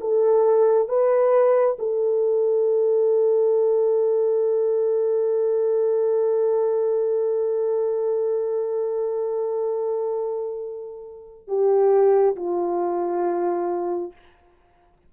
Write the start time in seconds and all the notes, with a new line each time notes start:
0.00 A4
0.88 B4
1.78 A4
11.47 G4
12.36 F4